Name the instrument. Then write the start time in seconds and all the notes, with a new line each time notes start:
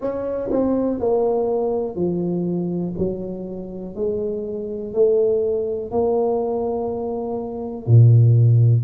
tuba
0.00 C#4
0.51 C4
0.99 A#3
1.95 F3
2.98 F#3
3.95 G#3
4.93 A3
5.91 A#3
7.86 A#2